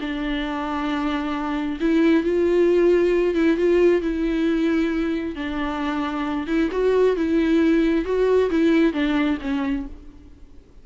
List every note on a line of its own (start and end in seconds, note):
0.00 1.79 D4
1.80 2.23 E4
2.23 3.34 F4
3.34 3.57 E4
3.57 4.01 F4
4.01 5.35 E4
5.35 6.47 D4
6.47 6.69 E4
6.71 7.16 F#4
7.16 8.05 E4
8.05 8.50 F#4
8.50 8.93 E4
8.93 9.38 D4
9.41 9.86 C#4